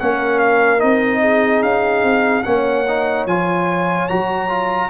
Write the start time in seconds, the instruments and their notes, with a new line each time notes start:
0.00 tuba A#3, trombone C#4, horn A#4, trumpet F#5
0.39 trumpet F5
0.79 tuba C4, trombone D#4, trumpet D#5
1.21 horn G#4
1.63 tuba C#4, trumpet F5
2.03 tuba C4
2.43 tuba A#3, trombone C#4, horn C#5, trumpet F#5
2.88 trombone D#4
3.26 tuba F3, trombone F4, trumpet G#5
4.09 tuba F#3, trombone F#4, trumpet A#5
4.49 trombone F4